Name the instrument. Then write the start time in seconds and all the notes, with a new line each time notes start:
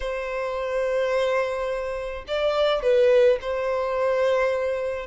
violin
0.00 C5
2.27 D5
2.82 B4
3.41 C5